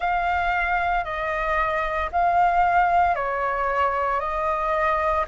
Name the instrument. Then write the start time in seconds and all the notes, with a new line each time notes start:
flute
0.00 F5
1.04 D#5
2.11 F5
3.15 C#5
4.20 D#5